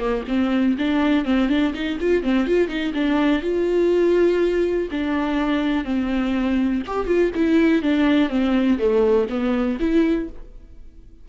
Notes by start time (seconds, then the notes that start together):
0.00 A#3
0.28 C4
0.79 D4
1.25 C4
1.49 D4
1.75 D#4
2.00 F4
2.23 C4
2.47 F4
2.69 D#4
2.94 D4
3.43 F4
4.91 D4
5.85 C4
6.87 G4
7.07 F4
7.35 E4
7.83 D4
8.30 C4
8.79 A3
9.30 B3
9.80 E4